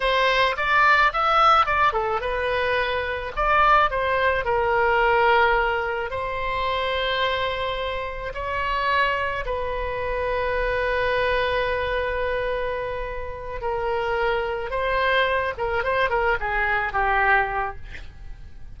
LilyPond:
\new Staff \with { instrumentName = "oboe" } { \time 4/4 \tempo 4 = 108 c''4 d''4 e''4 d''8 a'8 | b'2 d''4 c''4 | ais'2. c''4~ | c''2. cis''4~ |
cis''4 b'2.~ | b'1~ | b'8 ais'2 c''4. | ais'8 c''8 ais'8 gis'4 g'4. | }